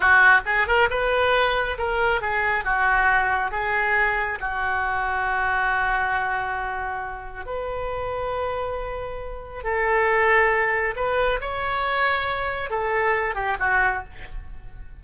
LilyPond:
\new Staff \with { instrumentName = "oboe" } { \time 4/4 \tempo 4 = 137 fis'4 gis'8 ais'8 b'2 | ais'4 gis'4 fis'2 | gis'2 fis'2~ | fis'1~ |
fis'4 b'2.~ | b'2 a'2~ | a'4 b'4 cis''2~ | cis''4 a'4. g'8 fis'4 | }